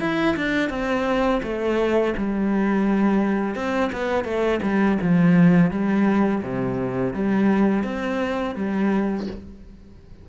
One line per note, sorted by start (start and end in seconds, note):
0.00 0.36 E4
0.36 0.70 D4
0.70 1.41 C4
1.43 2.14 A3
2.18 3.55 G3
3.55 3.91 C4
3.93 4.24 B3
4.24 4.60 A3
4.62 4.98 G3
5.02 5.71 F3
5.71 6.43 G3
6.43 7.14 C3
7.14 7.84 G3
7.84 8.55 C4
8.56 9.27 G3